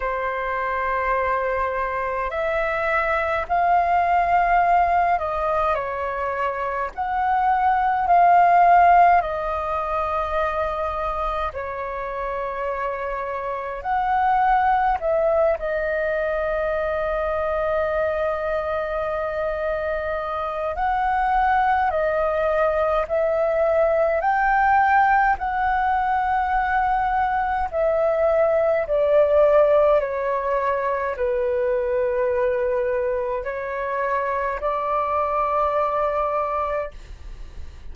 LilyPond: \new Staff \with { instrumentName = "flute" } { \time 4/4 \tempo 4 = 52 c''2 e''4 f''4~ | f''8 dis''8 cis''4 fis''4 f''4 | dis''2 cis''2 | fis''4 e''8 dis''2~ dis''8~ |
dis''2 fis''4 dis''4 | e''4 g''4 fis''2 | e''4 d''4 cis''4 b'4~ | b'4 cis''4 d''2 | }